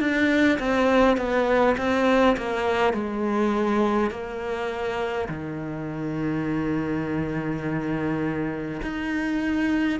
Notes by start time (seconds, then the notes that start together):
0.00 D4
0.59 C4
1.18 B3
1.78 C4
2.37 A#3
2.94 G#3
4.11 A#3
5.29 D#3
8.82 D#4